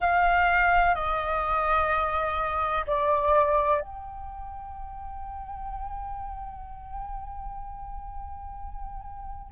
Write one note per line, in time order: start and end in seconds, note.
0.00 0.94 F5
0.94 2.85 D#5
2.86 3.81 D5
3.81 9.52 G5